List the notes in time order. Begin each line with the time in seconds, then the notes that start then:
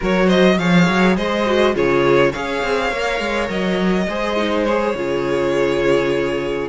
0.00 F#3 F#4 A#4 C#5
0.26 C5 D#5
0.58 F3 G#4 C#5 F5
0.87 F#3
1.16 G#3 C5 D#5
1.46 F#4
1.73 C#3 F4 G#4 C#5
2.31 C#4 G#4 C#5 F5
2.62 C4
2.91 A#3 A#4
3.19 G#3
3.49 F#3 D#5
4.07 G#3 G#4 C5
4.36 D#4
4.64 G#4 C#5
4.94 C#3 F4 G#4